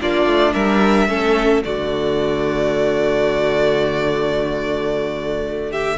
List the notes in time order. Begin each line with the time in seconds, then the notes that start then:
0.00 A#3 D4 F4 D5
0.26 A3
0.53 G3 A#4 E5
1.08 A3 C#4 A4
1.63 D3 A3 F#4 D5
5.70 G4 E5